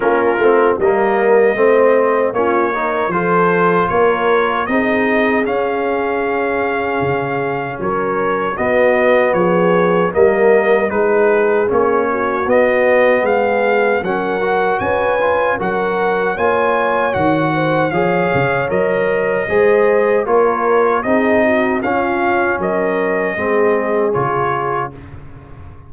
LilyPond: <<
  \new Staff \with { instrumentName = "trumpet" } { \time 4/4 \tempo 4 = 77 ais'4 dis''2 cis''4 | c''4 cis''4 dis''4 f''4~ | f''2 cis''4 dis''4 | cis''4 dis''4 b'4 cis''4 |
dis''4 f''4 fis''4 gis''4 | fis''4 gis''4 fis''4 f''4 | dis''2 cis''4 dis''4 | f''4 dis''2 cis''4 | }
  \new Staff \with { instrumentName = "horn" } { \time 4/4 f'4 ais'4 c''4 f'8 ais'8 | a'4 ais'4 gis'2~ | gis'2 ais'4 fis'4 | gis'4 ais'4 gis'4. fis'8~ |
fis'4 gis'4 ais'4 b'4 | ais'4 cis''4. c''8 cis''4~ | cis''4 c''4 ais'4 gis'8 fis'8 | f'4 ais'4 gis'2 | }
  \new Staff \with { instrumentName = "trombone" } { \time 4/4 cis'8 c'8 ais4 c'4 cis'8 dis'8 | f'2 dis'4 cis'4~ | cis'2. b4~ | b4 ais4 dis'4 cis'4 |
b2 cis'8 fis'4 f'8 | fis'4 f'4 fis'4 gis'4 | ais'4 gis'4 f'4 dis'4 | cis'2 c'4 f'4 | }
  \new Staff \with { instrumentName = "tuba" } { \time 4/4 ais8 a8 g4 a4 ais4 | f4 ais4 c'4 cis'4~ | cis'4 cis4 fis4 b4 | f4 g4 gis4 ais4 |
b4 gis4 fis4 cis'4 | fis4 ais4 dis4 f8 cis8 | fis4 gis4 ais4 c'4 | cis'4 fis4 gis4 cis4 | }
>>